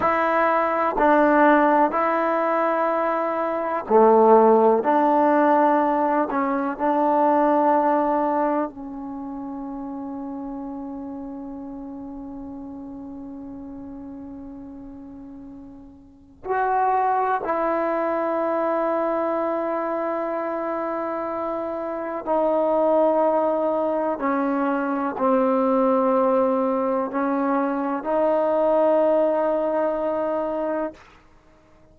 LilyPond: \new Staff \with { instrumentName = "trombone" } { \time 4/4 \tempo 4 = 62 e'4 d'4 e'2 | a4 d'4. cis'8 d'4~ | d'4 cis'2.~ | cis'1~ |
cis'4 fis'4 e'2~ | e'2. dis'4~ | dis'4 cis'4 c'2 | cis'4 dis'2. | }